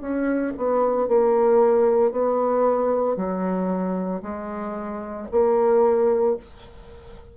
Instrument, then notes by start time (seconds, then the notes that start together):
bassoon
0.00 C#4
0.56 B3
1.08 A#3
2.11 B3
3.16 F#3
4.22 G#3
5.31 A#3